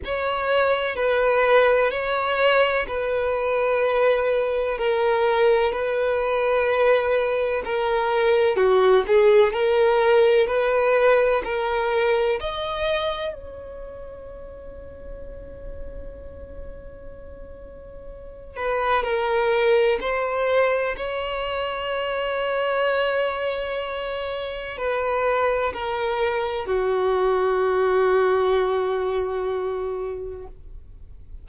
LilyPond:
\new Staff \with { instrumentName = "violin" } { \time 4/4 \tempo 4 = 63 cis''4 b'4 cis''4 b'4~ | b'4 ais'4 b'2 | ais'4 fis'8 gis'8 ais'4 b'4 | ais'4 dis''4 cis''2~ |
cis''2.~ cis''8 b'8 | ais'4 c''4 cis''2~ | cis''2 b'4 ais'4 | fis'1 | }